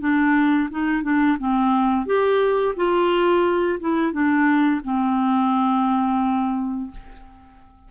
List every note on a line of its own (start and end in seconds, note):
0.00 0.69 D4
0.71 1.03 D#4
1.03 1.38 D4
1.39 2.06 C4
2.06 2.75 G4
2.76 3.79 F4
3.80 4.12 E4
4.12 4.81 D4
4.84 6.91 C4